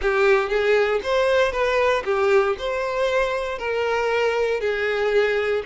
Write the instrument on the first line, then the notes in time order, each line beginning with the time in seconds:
violin
0.01 G4
0.49 G#4
1.03 C5
1.52 B4
2.05 G4
2.58 C5
3.58 A#4
4.60 G#4